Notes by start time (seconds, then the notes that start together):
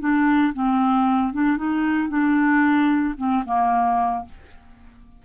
0.00 D4
0.54 C4
1.33 D4
1.57 D#4
2.09 D4
3.18 C4
3.46 A#3